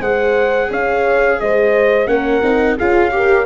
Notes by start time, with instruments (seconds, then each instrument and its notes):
0.00 tuba G#3, viola G#4, horn C5, trumpet F#5
0.71 tuba C#4, horn C#5, trumpet F5
1.41 tuba G#3, horn C5, trumpet D#5
2.07 tuba A#3, viola C#4, horn A#4, trumpet F#5
2.43 tuba C4, viola D#4
2.78 tuba C#4, viola F4, horn G#4, trumpet F5
3.11 viola G4, horn A#4